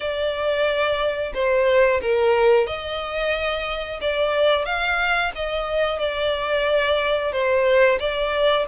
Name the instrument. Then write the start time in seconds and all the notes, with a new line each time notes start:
violin
0.00 D5
1.34 C5
2.02 A#4
2.66 D#5
4.01 D5
4.65 F5
5.35 D#5
5.99 D5
7.32 C5
7.99 D5